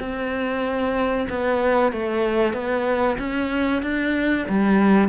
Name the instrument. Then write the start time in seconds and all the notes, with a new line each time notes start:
cello
0.00 C4
1.29 B3
1.93 A3
2.53 B3
3.19 C#4
3.82 D4
4.49 G3